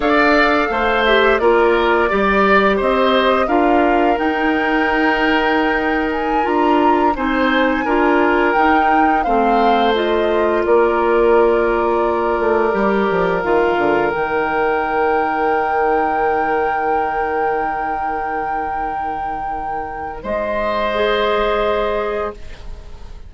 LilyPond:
<<
  \new Staff \with { instrumentName = "flute" } { \time 4/4 \tempo 4 = 86 f''4. e''8 d''2 | dis''4 f''4 g''2~ | g''8. gis''8 ais''4 gis''4.~ gis''16~ | gis''16 g''4 f''4 dis''4 d''8.~ |
d''2.~ d''16 f''8.~ | f''16 g''2.~ g''8.~ | g''1~ | g''4 dis''2. | }
  \new Staff \with { instrumentName = "oboe" } { \time 4/4 d''4 c''4 ais'4 d''4 | c''4 ais'2.~ | ais'2~ ais'16 c''4 ais'8.~ | ais'4~ ais'16 c''2 ais'8.~ |
ais'1~ | ais'1~ | ais'1~ | ais'4 c''2. | }
  \new Staff \with { instrumentName = "clarinet" } { \time 4/4 a'4. g'8 f'4 g'4~ | g'4 f'4 dis'2~ | dis'4~ dis'16 f'4 dis'4 f'8.~ | f'16 dis'4 c'4 f'4.~ f'16~ |
f'2~ f'16 g'4 f'8.~ | f'16 dis'2.~ dis'8.~ | dis'1~ | dis'2 gis'2 | }
  \new Staff \with { instrumentName = "bassoon" } { \time 4/4 d'4 a4 ais4 g4 | c'4 d'4 dis'2~ | dis'4~ dis'16 d'4 c'4 d'8.~ | d'16 dis'4 a2 ais8.~ |
ais4.~ ais16 a8 g8 f8 dis8 d16~ | d16 dis2.~ dis8.~ | dis1~ | dis4 gis2. | }
>>